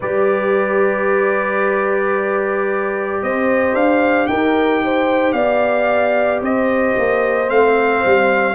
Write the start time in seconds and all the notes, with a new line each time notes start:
0.00 G3 G4 B4 D5
3.22 C4 C5 D#5
3.74 D4 F5
4.26 D#4 A#4 G5
4.84 C5
5.32 B3 D5 F5
6.41 C4 C5 D#5
6.97 A#3
7.47 A3 C4 F5
8.05 G3